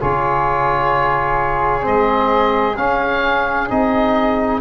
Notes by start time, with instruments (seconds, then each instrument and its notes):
0.00 tuba C#3, trombone F4, flute G#4, oboe C#5
1.82 tuba G#3, trombone C4, oboe D#5
2.77 tuba C#4, trombone C#4, oboe F5
3.69 tuba C4, trombone D#4, oboe D#5